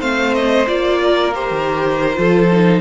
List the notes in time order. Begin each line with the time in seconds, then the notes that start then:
0.00 A3 C4 C5 F5
0.34 D#5
0.67 A#3 F4 D5
1.03 A#4
1.34 G4 C5
1.51 D#3
2.14 F3 F4 A4
2.52 D#4